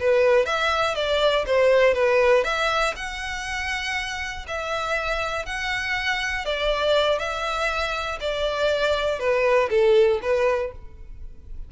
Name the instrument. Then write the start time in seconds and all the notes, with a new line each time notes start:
violin
0.00 B4
0.45 E5
0.95 D5
1.46 C5
1.94 B4
2.44 E5
2.96 F#5
4.48 E5
5.46 F#5
6.45 D5
7.19 E5
8.20 D5
9.19 B4
9.70 A4
10.22 B4